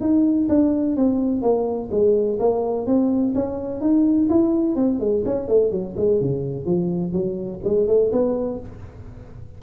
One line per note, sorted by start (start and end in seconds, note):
0.00 0.48 D#4
0.48 0.96 D4
0.96 1.42 C4
1.42 1.89 A#3
1.91 2.39 G#3
2.39 2.86 A#3
2.86 3.34 C4
3.34 3.80 C#4
3.80 4.28 D#4
4.29 4.75 E4
4.75 4.99 C4
4.99 5.23 G#3
5.25 5.48 C#4
5.48 5.71 A3
5.71 5.95 F#3
5.97 6.20 G#3
6.21 6.65 C#3
6.65 7.12 F3
7.12 7.60 F#3
7.64 7.87 G#3
7.87 8.11 A3
8.11 8.59 B3